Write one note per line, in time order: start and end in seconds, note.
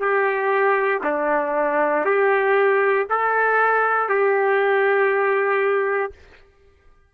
0.00 1.02 G4
1.04 2.06 D4
2.06 3.07 G4
3.10 4.09 A4
4.09 6.12 G4